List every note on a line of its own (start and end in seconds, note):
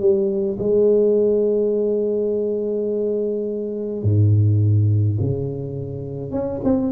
0.00 0.58 G3
0.59 4.03 G#3
4.03 5.18 G#2
5.21 6.32 C#3
6.32 6.61 C#4
6.64 6.93 C4